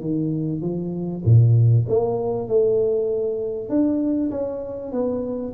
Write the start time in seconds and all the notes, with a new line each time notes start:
0.00 D#3
0.62 F3
1.25 A#2
1.88 A#3
2.48 A3
3.69 D4
4.31 C#4
4.92 B3